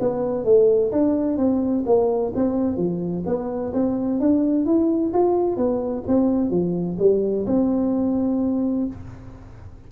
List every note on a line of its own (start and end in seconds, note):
0.00 0.44 B3
0.44 0.91 A3
0.92 1.37 D4
1.37 1.84 C4
1.86 2.33 A#3
2.35 2.77 C4
2.77 3.23 F3
3.26 3.73 B3
3.73 4.20 C4
4.20 4.66 D4
4.66 5.12 E4
5.13 5.57 F4
5.57 6.04 B3
6.07 6.50 C4
6.50 6.97 F3
6.99 7.46 G3
7.46 8.87 C4